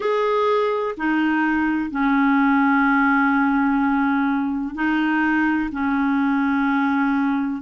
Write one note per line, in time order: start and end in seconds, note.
0.00 0.95 G#4
0.97 1.90 D#4
1.90 4.74 C#4
4.74 5.69 D#4
5.71 7.62 C#4